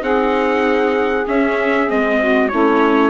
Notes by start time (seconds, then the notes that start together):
0.00 C4 D#4 G#4 F#5
1.28 C#4 E5
1.88 G#3 C4 D#5
2.21 F#4
2.49 A3 C#4 E4 C#5